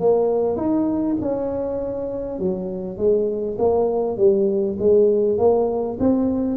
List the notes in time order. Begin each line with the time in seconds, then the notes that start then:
0.00 A#3
0.57 D#4
1.22 C#4
2.39 F#3
2.98 G#3
3.59 A#3
4.18 G3
4.79 G#3
5.39 A#3
6.00 C4